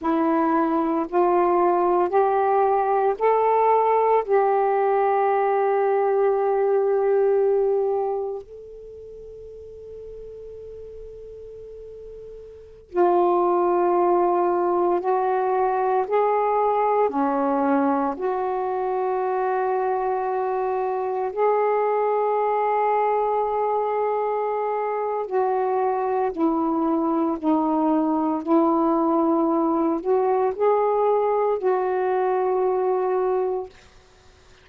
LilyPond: \new Staff \with { instrumentName = "saxophone" } { \time 4/4 \tempo 4 = 57 e'4 f'4 g'4 a'4 | g'1 | a'1~ | a'16 f'2 fis'4 gis'8.~ |
gis'16 cis'4 fis'2~ fis'8.~ | fis'16 gis'2.~ gis'8. | fis'4 e'4 dis'4 e'4~ | e'8 fis'8 gis'4 fis'2 | }